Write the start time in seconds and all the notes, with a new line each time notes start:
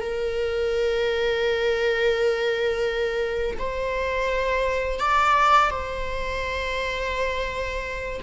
0.00 A#4
3.59 C5
5.00 D5
5.71 C5